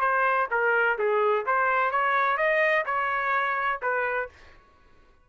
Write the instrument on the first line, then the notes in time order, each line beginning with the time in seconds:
trumpet
0.00 C5
0.50 A#4
0.98 G#4
1.46 C5
1.91 C#5
2.37 D#5
2.86 C#5
3.82 B4